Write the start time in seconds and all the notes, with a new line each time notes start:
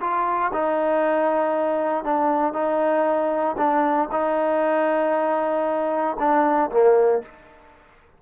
0.00 F4
0.53 D#4
2.04 D4
2.53 D#4
3.57 D4
4.11 D#4
6.19 D4
6.70 A#3